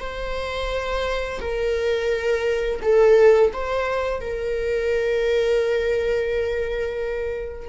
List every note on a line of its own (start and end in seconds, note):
0.00 1.40 C5
1.40 2.80 A#4
2.81 3.51 A4
3.53 4.20 C5
4.20 7.69 A#4